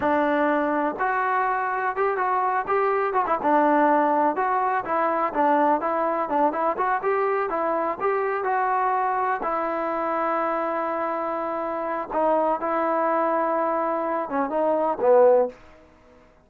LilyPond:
\new Staff \with { instrumentName = "trombone" } { \time 4/4 \tempo 4 = 124 d'2 fis'2 | g'8 fis'4 g'4 fis'16 e'16 d'4~ | d'4 fis'4 e'4 d'4 | e'4 d'8 e'8 fis'8 g'4 e'8~ |
e'8 g'4 fis'2 e'8~ | e'1~ | e'4 dis'4 e'2~ | e'4. cis'8 dis'4 b4 | }